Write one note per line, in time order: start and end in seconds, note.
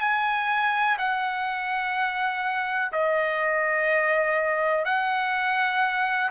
0.00 0.97 G#5
0.98 2.92 F#5
2.92 4.85 D#5
4.85 6.30 F#5